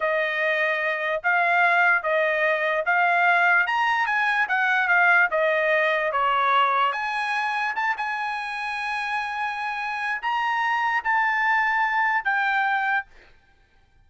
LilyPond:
\new Staff \with { instrumentName = "trumpet" } { \time 4/4 \tempo 4 = 147 dis''2. f''4~ | f''4 dis''2 f''4~ | f''4 ais''4 gis''4 fis''4 | f''4 dis''2 cis''4~ |
cis''4 gis''2 a''8 gis''8~ | gis''1~ | gis''4 ais''2 a''4~ | a''2 g''2 | }